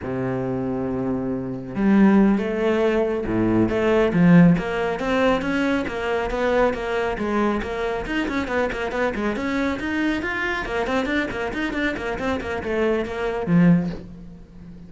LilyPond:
\new Staff \with { instrumentName = "cello" } { \time 4/4 \tempo 4 = 138 c1 | g4. a2 a,8~ | a,8 a4 f4 ais4 c'8~ | c'8 cis'4 ais4 b4 ais8~ |
ais8 gis4 ais4 dis'8 cis'8 b8 | ais8 b8 gis8 cis'4 dis'4 f'8~ | f'8 ais8 c'8 d'8 ais8 dis'8 d'8 ais8 | c'8 ais8 a4 ais4 f4 | }